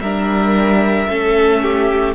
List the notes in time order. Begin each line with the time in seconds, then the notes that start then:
0.00 G3 D4 A#4 E5
1.09 A3 C#4 A4
1.63 G4